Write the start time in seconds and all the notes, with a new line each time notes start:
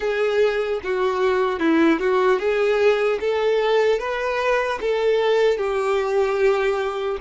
0.00 G#4
0.83 F#4
1.59 E4
1.99 F#4
2.39 G#4
3.20 A4
3.99 B4
4.80 A4
5.57 G4